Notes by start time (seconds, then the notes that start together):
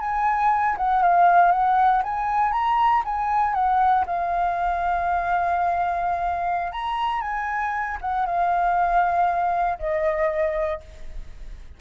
0.00 G#5
0.77 F#5
1.02 F5
1.52 F#5
2.03 G#5
2.52 A#5
3.05 G#5
3.54 F#5
4.07 F5
6.72 A#5
7.21 G#5
8.01 F#5
8.26 F5
9.79 D#5